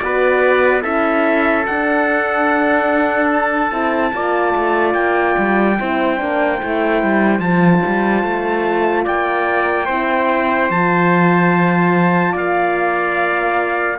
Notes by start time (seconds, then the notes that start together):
0.00 B3 F#4 B4 D5
0.83 C#4 E4 A4 E5
1.67 D4 F#5
3.32 A5
3.71 C4 E4
4.14 A#3 F4 D5
4.56 A3
4.94 A#3 G5
5.39 G3
5.79 C4 E4 C5
6.17 A#3 D4
6.59 A3 E4
7.03 G3
7.40 F3 F4 A5
7.86 G3
8.24 A3
9.04 A#3 D5 G5
9.86 C4 E4 C5
10.70 F3 F4 A5
12.33 A#3 D5 F5